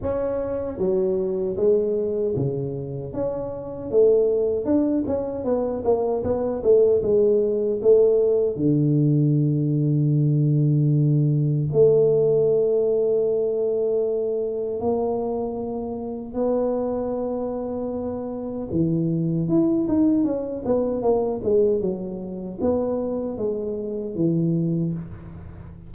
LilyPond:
\new Staff \with { instrumentName = "tuba" } { \time 4/4 \tempo 4 = 77 cis'4 fis4 gis4 cis4 | cis'4 a4 d'8 cis'8 b8 ais8 | b8 a8 gis4 a4 d4~ | d2. a4~ |
a2. ais4~ | ais4 b2. | e4 e'8 dis'8 cis'8 b8 ais8 gis8 | fis4 b4 gis4 e4 | }